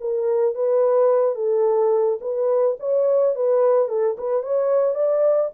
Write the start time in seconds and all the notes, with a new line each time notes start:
0.00 A#4
0.55 B4
1.35 A4
2.21 B4
2.79 C#5
3.35 B4
3.88 A4
4.18 B4
4.42 C#5
4.95 D5